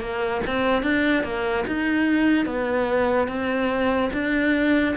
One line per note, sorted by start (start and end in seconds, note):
0.00 0.41 A#3
0.46 0.83 C4
0.83 1.23 D4
1.23 1.64 A#3
1.67 2.45 D#4
2.45 3.28 B3
3.28 4.10 C4
4.12 4.95 D4